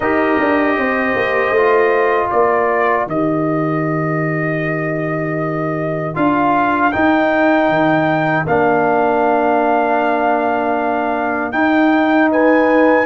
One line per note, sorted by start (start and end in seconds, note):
0.00 0.38 D#4
0.00 1.56 G4
0.00 0.76 A#4
0.00 2.30 D#5
0.39 0.76 D4
0.76 1.15 C4
0.76 2.30 C5
1.15 1.50 A#3
1.50 2.27 A3
1.50 3.08 F4
2.30 3.07 A#3
2.30 12.30 A#4
2.30 3.07 D5
3.07 6.14 D#3
3.07 6.14 G4
3.07 6.15 D#5
6.14 6.93 D4
6.14 6.91 F4
6.14 6.92 F5
6.92 8.46 D#4
6.92 7.68 D#4
6.92 8.46 G5
7.68 8.45 D#3
8.46 11.53 A#3
8.46 11.52 D4
8.46 11.52 F5
11.52 13.05 D#4
11.52 12.29 G5
12.31 13.05 B4
12.31 13.05 G#5